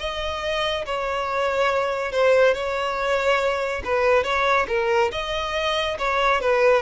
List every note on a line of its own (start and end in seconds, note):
0.00 0.86 D#5
0.86 2.12 C#5
2.12 2.54 C5
2.54 3.83 C#5
3.85 4.24 B4
4.24 4.67 C#5
4.69 5.12 A#4
5.12 5.98 D#5
5.99 6.41 C#5
6.41 6.83 B4